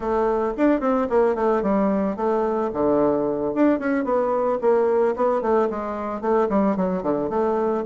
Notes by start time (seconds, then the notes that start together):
0.00 A3
0.57 D4
0.80 C4
1.09 A#3
1.35 A3
1.62 G3
2.16 A3
2.73 D3
3.54 D4
3.79 C#4
4.04 B3
4.61 A#3
5.15 B3
5.41 A3
5.70 G#3
6.21 A3
6.49 G3
6.76 F#3
7.02 D3
7.29 A3